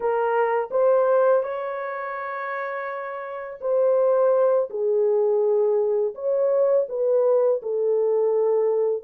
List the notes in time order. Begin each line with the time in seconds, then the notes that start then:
0.00 A#4
0.70 C5
1.43 C#5
3.60 C5
4.70 G#4
6.14 C#5
6.88 B4
7.62 A4